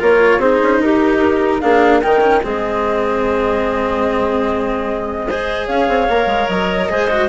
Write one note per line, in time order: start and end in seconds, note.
0.00 0.39 A#3
0.00 0.41 F4
0.00 0.40 A#4
0.00 0.41 C#5
0.39 0.59 C4
0.39 1.62 D#4
0.39 0.81 G#4
0.39 0.82 C5
0.63 0.79 C#4
0.79 1.60 D#4
0.79 1.61 G4
0.79 1.61 A#4
1.61 2.04 A#3
1.61 2.03 D4
1.61 2.01 G#4
1.61 2.02 F5
2.01 2.45 D#3
2.01 2.21 D#4
2.01 2.41 A#4
2.01 2.43 G5
2.21 2.41 C#4
2.44 5.68 G#3
2.44 5.27 C4
2.44 5.28 G#4
2.44 5.68 D#5
5.28 6.10 G#4
5.28 5.68 C5
5.68 5.88 C#4
5.68 6.89 C#5
5.68 6.49 F5
5.89 6.09 C4
6.10 6.27 A#3
6.10 6.90 A#4
6.27 6.47 G#3
6.49 6.90 F#3
6.49 7.29 D#5
6.90 7.29 G#3
6.90 7.10 G#4
6.90 7.29 C5
7.11 7.29 F#4